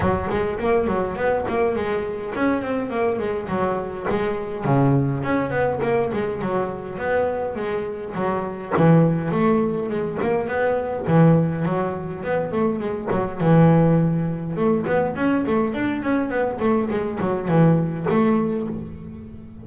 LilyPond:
\new Staff \with { instrumentName = "double bass" } { \time 4/4 \tempo 4 = 103 fis8 gis8 ais8 fis8 b8 ais8 gis4 | cis'8 c'8 ais8 gis8 fis4 gis4 | cis4 cis'8 b8 ais8 gis8 fis4 | b4 gis4 fis4 e4 |
a4 gis8 ais8 b4 e4 | fis4 b8 a8 gis8 fis8 e4~ | e4 a8 b8 cis'8 a8 d'8 cis'8 | b8 a8 gis8 fis8 e4 a4 | }